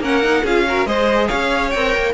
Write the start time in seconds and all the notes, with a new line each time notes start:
0.00 A#3 C#4 A#4 F#5
0.22 D#4
0.44 C#4 F4 G#4 F5
0.67 F#4 A#4
0.86 G#3 G#4 C5 D#5
1.28 C#4 C#5 F5
1.71 C4 A#4 G5
1.97 A#3